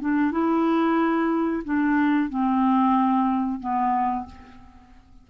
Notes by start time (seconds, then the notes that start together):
0.00 D4
0.31 E4
1.64 D4
2.29 C4
3.59 B3